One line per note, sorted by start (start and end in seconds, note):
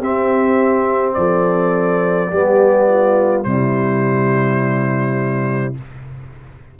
0.00 1.16 C4
0.00 2.32 C4
0.00 1.15 G4
0.00 1.14 E5
1.14 2.32 F3
1.14 2.30 A4
1.14 3.44 D5
2.30 3.46 G3
2.30 3.44 B3
2.30 2.88 G4
2.90 3.47 F4
3.44 5.76 C3
3.44 5.75 G3
3.44 5.80 E4
3.44 5.75 C5